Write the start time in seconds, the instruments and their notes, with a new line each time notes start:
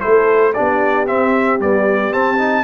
0.00 tuba A3, trombone E4, horn A4, trumpet C5
0.53 tuba B3, trombone D4, horn G4, trumpet D5
1.06 trombone C4, tuba C4, trumpet E5
1.59 trombone G3, tuba B3, trumpet D5
2.11 trombone C4, tuba C4, trumpet A5
2.38 trombone D#4